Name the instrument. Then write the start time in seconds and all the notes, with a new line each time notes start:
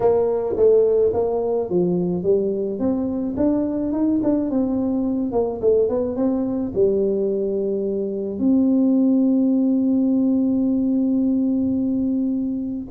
tuba
0.00 A#3
0.56 A3
1.13 A#3
1.69 F3
2.23 G3
2.79 C4
3.36 D4
3.92 D#4
4.23 D4
4.50 C4
5.32 A#3
5.61 A3
5.88 B3
6.16 C4
6.74 G3
8.38 C4